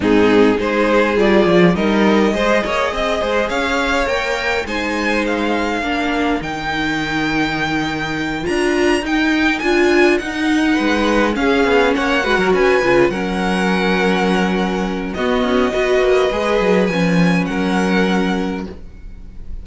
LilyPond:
<<
  \new Staff \with { instrumentName = "violin" } { \time 4/4 \tempo 4 = 103 gis'4 c''4 d''4 dis''4~ | dis''2 f''4 g''4 | gis''4 f''2 g''4~ | g''2~ g''8 ais''4 g''8~ |
g''8 gis''4 fis''2 f''8~ | f''8 fis''4 gis''4 fis''4.~ | fis''2 dis''2~ | dis''4 gis''4 fis''2 | }
  \new Staff \with { instrumentName = "violin" } { \time 4/4 dis'4 gis'2 ais'4 | c''8 cis''8 dis''8 c''8 cis''2 | c''2 ais'2~ | ais'1~ |
ais'2~ ais'8 b'4 gis'8~ | gis'8 cis''8 b'16 ais'16 b'4 ais'4.~ | ais'2 fis'4 b'4~ | b'2 ais'2 | }
  \new Staff \with { instrumentName = "viola" } { \time 4/4 c'4 dis'4 f'4 dis'4 | gis'2. ais'4 | dis'2 d'4 dis'4~ | dis'2~ dis'8 f'4 dis'8~ |
dis'8 f'4 dis'2 cis'8~ | cis'4 fis'4 f'8 cis'4.~ | cis'2 b4 fis'4 | gis'4 cis'2. | }
  \new Staff \with { instrumentName = "cello" } { \time 4/4 gis,4 gis4 g8 f8 g4 | gis8 ais8 c'8 gis8 cis'4 ais4 | gis2 ais4 dis4~ | dis2~ dis8 d'4 dis'8~ |
dis'8 d'4 dis'4 gis4 cis'8 | b8 ais8 gis16 fis16 cis'8 cis8 fis4.~ | fis2 b8 cis'8 b8 ais8 | gis8 fis8 f4 fis2 | }
>>